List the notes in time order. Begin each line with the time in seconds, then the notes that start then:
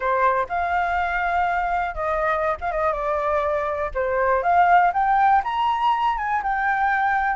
0.00 C5
0.48 F5
1.94 D#5
2.60 F5
2.71 D#5
2.92 D5
3.94 C5
4.42 F5
4.93 G5
5.43 A#5
6.17 G#5
6.42 G5